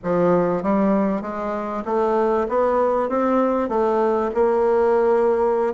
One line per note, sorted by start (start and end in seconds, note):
0.03 0.62 F3
0.62 1.21 G3
1.21 1.83 G#3
1.85 2.47 A3
2.49 3.09 B3
3.09 3.68 C4
3.68 4.30 A3
4.34 5.73 A#3